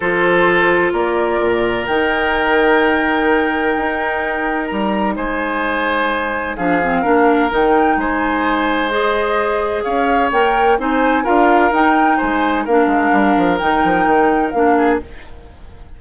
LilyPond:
<<
  \new Staff \with { instrumentName = "flute" } { \time 4/4 \tempo 4 = 128 c''2 d''2 | g''1~ | g''2 ais''4 gis''4~ | gis''2 f''2 |
g''4 gis''2 dis''4~ | dis''4 f''4 g''4 gis''4 | f''4 g''4 gis''4 f''4~ | f''4 g''2 f''4 | }
  \new Staff \with { instrumentName = "oboe" } { \time 4/4 a'2 ais'2~ | ais'1~ | ais'2. c''4~ | c''2 gis'4 ais'4~ |
ais'4 c''2.~ | c''4 cis''2 c''4 | ais'2 c''4 ais'4~ | ais'2.~ ais'8 gis'8 | }
  \new Staff \with { instrumentName = "clarinet" } { \time 4/4 f'1 | dis'1~ | dis'1~ | dis'2 d'8 c'8 d'4 |
dis'2. gis'4~ | gis'2 ais'4 dis'4 | f'4 dis'2 d'4~ | d'4 dis'2 d'4 | }
  \new Staff \with { instrumentName = "bassoon" } { \time 4/4 f2 ais4 ais,4 | dis1 | dis'2 g4 gis4~ | gis2 f4 ais4 |
dis4 gis2.~ | gis4 cis'4 ais4 c'4 | d'4 dis'4 gis4 ais8 gis8 | g8 f8 dis8 f8 dis4 ais4 | }
>>